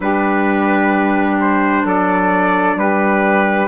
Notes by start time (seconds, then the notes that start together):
0.00 G3 D4 G4 B4
1.40 C5
1.84 F#3 A4 D5
2.75 G3 G4 B4